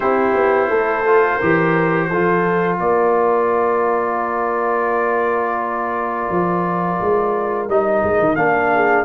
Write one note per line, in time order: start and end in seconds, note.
0.00 0.35 C4
0.00 1.04 E4
0.00 0.69 G4
0.00 2.78 C5
0.35 0.69 B3
0.69 1.39 A3
0.69 1.35 A4
1.05 1.40 F4
1.35 2.11 G4
1.35 2.05 A#4
1.42 2.10 E3
2.09 2.80 F3
2.09 7.69 F4
2.09 2.79 A4
2.79 6.28 A#3
2.79 8.72 A#4
2.79 7.68 D5
6.29 6.99 F3
7.00 7.68 G#3
7.68 8.03 G3
7.68 8.36 D#4
7.68 8.35 D#5
8.03 8.19 G#3
8.19 8.36 D#3
8.35 9.05 A#3
8.35 9.05 D4
8.35 9.05 F5
8.74 9.05 G#4